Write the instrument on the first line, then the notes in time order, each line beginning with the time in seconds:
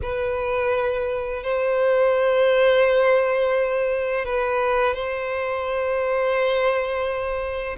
violin
0.02 B4
1.43 C5
4.25 B4
4.94 C5